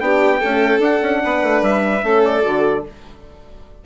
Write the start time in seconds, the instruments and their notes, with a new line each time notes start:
0.00 bassoon B3, horn D4, violin G4, trumpet G5
0.40 horn A3, bassoon C#4, violin A4
0.79 bassoon D4, horn D4, trumpet F#5
1.02 bassoon C#4
1.24 bassoon B3, violin B4
1.43 bassoon A3
1.62 bassoon G3, trumpet E5
2.02 bassoon A3, horn C#4, violin A4
2.24 trumpet D5
2.43 bassoon D3, horn F#4